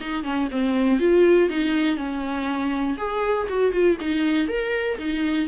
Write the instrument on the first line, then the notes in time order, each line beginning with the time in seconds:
viola
0.00 D#4
0.23 C#4
0.51 C4
1.00 F4
1.50 D#4
1.96 C#4
2.97 G#4
3.49 F#4
3.72 F4
4.00 D#4
4.48 A#4
4.98 D#4